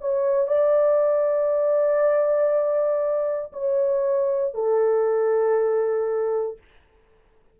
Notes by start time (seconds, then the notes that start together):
0.00 C#5
0.47 D5
3.52 C#5
4.54 A4